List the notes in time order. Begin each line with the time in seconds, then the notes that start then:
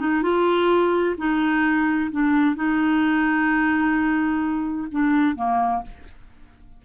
0.00 D#4
0.23 F4
1.18 D#4
2.12 D4
2.56 D#4
4.92 D4
5.36 A#3